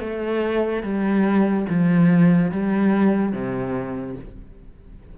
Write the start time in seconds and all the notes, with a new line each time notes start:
0.00 A3
0.83 G3
1.69 F3
2.51 G3
3.32 C3